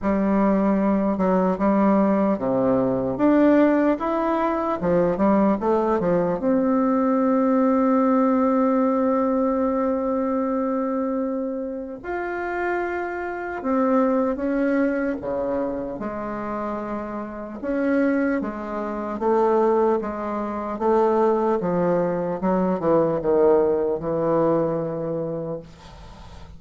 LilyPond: \new Staff \with { instrumentName = "bassoon" } { \time 4/4 \tempo 4 = 75 g4. fis8 g4 c4 | d'4 e'4 f8 g8 a8 f8 | c'1~ | c'2. f'4~ |
f'4 c'4 cis'4 cis4 | gis2 cis'4 gis4 | a4 gis4 a4 f4 | fis8 e8 dis4 e2 | }